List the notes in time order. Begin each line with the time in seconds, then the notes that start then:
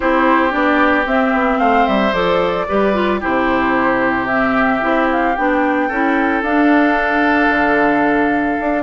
0.00 C4 E4 G4 C5
0.50 B3 D4 D5
1.06 C4 E5
1.33 B3
1.58 A3 C5 F5
1.86 G3 E5
2.12 F3 A4 D5
2.68 G3 G4 B4
2.93 F4
3.20 C3 E4 G4 C5
4.26 C4 E5
4.80 C4 E4
5.11 F5
5.35 B3 D4 G5
5.88 C#4 E4 A4
6.42 D4 F5
7.49 D3
8.60 D4